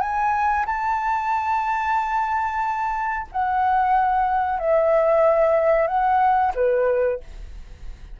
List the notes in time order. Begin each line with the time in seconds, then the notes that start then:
0.00 G#5
0.66 A5
3.32 F#5
4.59 E5
5.87 F#5
6.55 B4